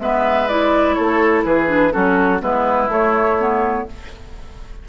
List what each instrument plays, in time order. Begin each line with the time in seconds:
0.00 bassoon G#3, clarinet B3, oboe B4, flute E5
0.49 clarinet E4, flute D5
0.94 bassoon A3, oboe A4, flute C#5
1.45 bassoon E3, oboe G#4, flute B4
1.67 clarinet D4
1.92 bassoon F#3, clarinet C#4, oboe F#4, flute A4
2.40 bassoon G#3, clarinet B3, oboe E4, flute B4
2.89 bassoon A3, clarinet A3, flute C#5
3.39 clarinet B3